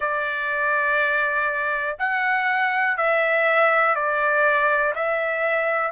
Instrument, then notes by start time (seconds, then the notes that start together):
trumpet
0.00 D5
1.99 F#5
2.97 E5
3.95 D5
4.95 E5